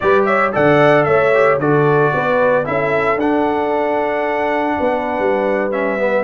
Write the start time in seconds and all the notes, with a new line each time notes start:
0.00 G3 G4 B4 D5
0.25 C#5 E5
0.52 D3 A4 D5 F#5
1.04 A3 C#5 E5
1.34 G4
1.58 D3 F#4 A4 D5
2.14 B3 B4
2.64 C#4 E4 A4 E5
3.16 D4 F#5
4.78 B3 B4
5.19 G3
5.71 C#4 E5
5.98 B3